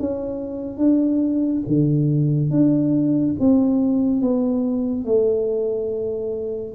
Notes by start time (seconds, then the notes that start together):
0.00 C#4
0.78 D4
1.67 D3
2.51 D4
3.40 C4
4.21 B3
5.06 A3